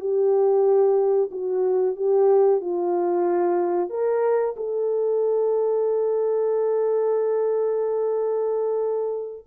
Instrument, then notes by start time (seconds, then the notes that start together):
horn
0.00 G4
1.31 F#4
1.96 G4
2.61 F4
3.90 A#4
4.56 A4